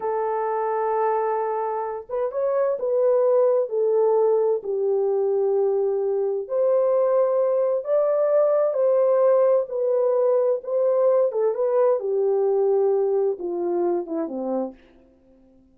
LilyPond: \new Staff \with { instrumentName = "horn" } { \time 4/4 \tempo 4 = 130 a'1~ | a'8 b'8 cis''4 b'2 | a'2 g'2~ | g'2 c''2~ |
c''4 d''2 c''4~ | c''4 b'2 c''4~ | c''8 a'8 b'4 g'2~ | g'4 f'4. e'8 c'4 | }